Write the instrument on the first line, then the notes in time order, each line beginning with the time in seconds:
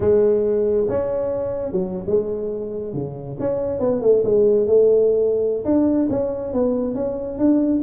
tuba
0.00 G#3
0.88 C#4
1.72 F#3
2.07 G#3
2.93 C#3
3.39 C#4
3.79 B3
4.01 A3
4.24 G#3
4.66 A3
5.64 D4
6.10 C#4
6.53 B3
6.94 C#4
7.38 D4